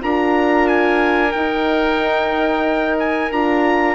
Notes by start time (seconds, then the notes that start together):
0.00 D4 F4 A#4 A#5
0.68 G#5
1.32 D#4 G5
2.99 G#5
3.31 D4 F4 A#5